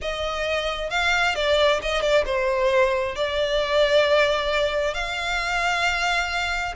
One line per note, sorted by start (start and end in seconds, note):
0.01 0.90 D#5
0.90 1.35 F5
1.35 1.80 D5
1.82 2.01 D#5
2.01 2.24 D5
2.25 3.15 C5
3.15 4.94 D5
4.94 6.74 F5